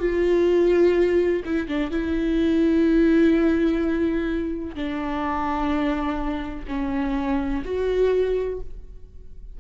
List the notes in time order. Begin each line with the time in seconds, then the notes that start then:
0.00 F4
1.45 E4
1.68 D4
1.91 E4
4.75 D4
6.68 C#4
7.65 F#4